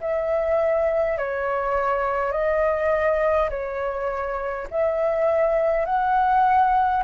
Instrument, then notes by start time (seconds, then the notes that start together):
flute
0.00 E5
1.18 C#5
2.32 D#5
3.49 C#5
4.70 E5
5.85 F#5